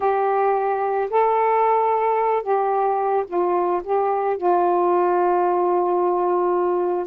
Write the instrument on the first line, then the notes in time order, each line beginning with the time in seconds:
saxophone
0.00 G4
1.10 A4
2.42 G4
3.27 F4
3.83 G4
4.37 F4